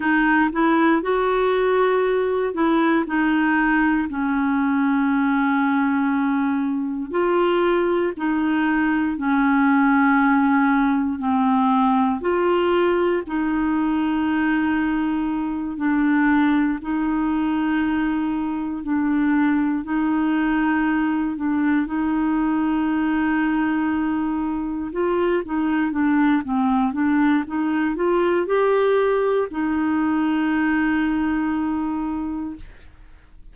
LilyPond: \new Staff \with { instrumentName = "clarinet" } { \time 4/4 \tempo 4 = 59 dis'8 e'8 fis'4. e'8 dis'4 | cis'2. f'4 | dis'4 cis'2 c'4 | f'4 dis'2~ dis'8 d'8~ |
d'8 dis'2 d'4 dis'8~ | dis'4 d'8 dis'2~ dis'8~ | dis'8 f'8 dis'8 d'8 c'8 d'8 dis'8 f'8 | g'4 dis'2. | }